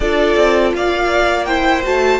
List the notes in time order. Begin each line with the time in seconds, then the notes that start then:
0.00 D4 F4 A4 D5
0.36 C4
0.74 A#3 D5 F5
1.44 E4 C5 G5
1.83 A3 F#4 A5